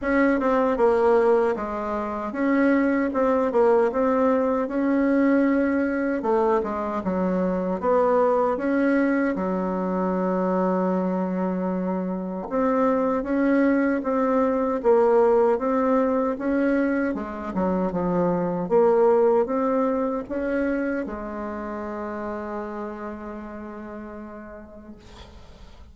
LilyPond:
\new Staff \with { instrumentName = "bassoon" } { \time 4/4 \tempo 4 = 77 cis'8 c'8 ais4 gis4 cis'4 | c'8 ais8 c'4 cis'2 | a8 gis8 fis4 b4 cis'4 | fis1 |
c'4 cis'4 c'4 ais4 | c'4 cis'4 gis8 fis8 f4 | ais4 c'4 cis'4 gis4~ | gis1 | }